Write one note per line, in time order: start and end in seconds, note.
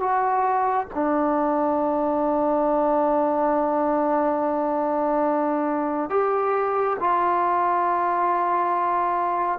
0.00 0.87 F#4
0.95 6.10 D4
6.10 6.97 G4
7.00 9.60 F4